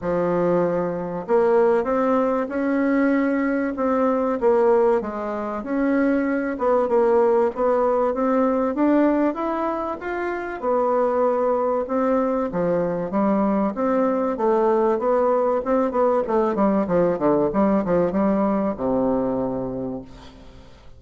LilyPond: \new Staff \with { instrumentName = "bassoon" } { \time 4/4 \tempo 4 = 96 f2 ais4 c'4 | cis'2 c'4 ais4 | gis4 cis'4. b8 ais4 | b4 c'4 d'4 e'4 |
f'4 b2 c'4 | f4 g4 c'4 a4 | b4 c'8 b8 a8 g8 f8 d8 | g8 f8 g4 c2 | }